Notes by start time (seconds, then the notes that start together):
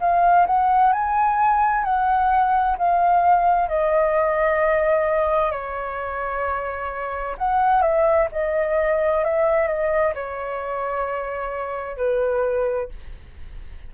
0.00 F5
0.47 F#5
0.93 G#5
1.84 F#5
2.78 F5
3.68 D#5
5.51 C#5
7.38 F#5
7.82 E5
8.32 D#5
9.24 E5
9.67 D#5
10.14 C#5
11.97 B4